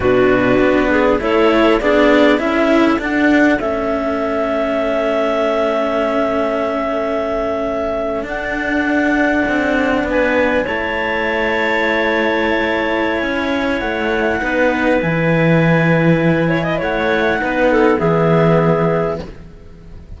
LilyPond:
<<
  \new Staff \with { instrumentName = "clarinet" } { \time 4/4 \tempo 4 = 100 b'2 cis''4 d''4 | e''4 fis''4 e''2~ | e''1~ | e''4.~ e''16 fis''2~ fis''16~ |
fis''8. gis''4 a''2~ a''16~ | a''2 gis''4 fis''4~ | fis''4 gis''2. | fis''2 e''2 | }
  \new Staff \with { instrumentName = "clarinet" } { \time 4/4 fis'4. gis'8 a'4 gis'4 | a'1~ | a'1~ | a'1~ |
a'8. b'4 cis''2~ cis''16~ | cis''1 | b'2.~ b'8 cis''16 dis''16 | cis''4 b'8 a'8 gis'2 | }
  \new Staff \with { instrumentName = "cello" } { \time 4/4 d'2 e'4 d'4 | e'4 d'4 cis'2~ | cis'1~ | cis'4.~ cis'16 d'2~ d'16~ |
d'4.~ d'16 e'2~ e'16~ | e'1 | dis'4 e'2.~ | e'4 dis'4 b2 | }
  \new Staff \with { instrumentName = "cello" } { \time 4/4 b,4 b4 a4 b4 | cis'4 d'4 a2~ | a1~ | a4.~ a16 d'2 c'16~ |
c'8. b4 a2~ a16~ | a2 cis'4 a4 | b4 e2. | a4 b4 e2 | }
>>